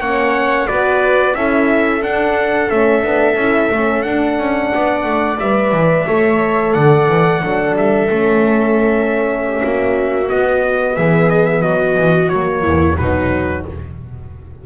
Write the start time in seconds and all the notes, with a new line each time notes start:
0.00 A#3 C#4 C#5 F#5
0.67 B3 F#4 B4 D5
1.33 C#4 E4 A4 E5
2.01 D4 F#5
2.69 A3 C#4 E5
3.02 B3 D4
3.35 C#4 E4
3.71 A3 C#4
4.02 D4 F#5
4.38 C#4
4.74 B3 D5
5.04 A3
5.39 G3 B4 E5
5.72 E3
6.07 A3 A4 C#5
6.73 D3 D5 F#5
7.08 E3
7.41 F#3 D4 A4
7.75 G3 E5
8.07 A3 C#4
9.44 G4
9.62 A#3 F#4
10.27 B3 D#5
10.95 E3 G#4 E5
11.29 D#5
11.45 E5
11.62 F#3 F#4 D#5
11.97 E3
12.29 F#3 A#3 C#5
12.62 E2 E4
12.97 B2 F#3 D#4 B4